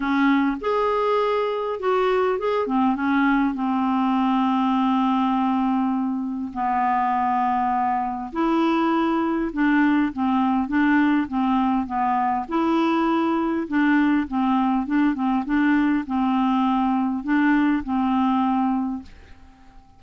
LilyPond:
\new Staff \with { instrumentName = "clarinet" } { \time 4/4 \tempo 4 = 101 cis'4 gis'2 fis'4 | gis'8 c'8 cis'4 c'2~ | c'2. b4~ | b2 e'2 |
d'4 c'4 d'4 c'4 | b4 e'2 d'4 | c'4 d'8 c'8 d'4 c'4~ | c'4 d'4 c'2 | }